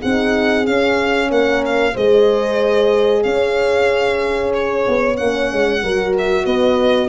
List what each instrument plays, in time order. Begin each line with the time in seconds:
0.00 tuba C4, horn D#4 G#4, violin F#5
0.65 horn C#4, tuba C#4, violin F5
1.31 tuba A#3, horn A#4, violin F#5
1.66 violin F5
1.94 tuba G#3, horn G#4 C5, violin D#5
3.23 tuba C#4, horn C#5, violin F5
4.54 violin C#5
4.88 tuba B3
5.17 tuba A#3, horn C#4, violin F#5
5.53 tuba G#3
5.83 tuba F#3, horn F#4 A#4
6.18 violin E5
6.45 tuba B3, horn B4, violin D#5